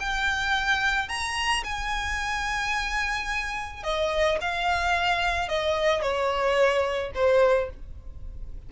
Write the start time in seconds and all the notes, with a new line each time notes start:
0.00 G5
1.08 A#5
1.64 G#5
3.83 D#5
4.41 F5
5.49 D#5
6.02 C#5
7.15 C5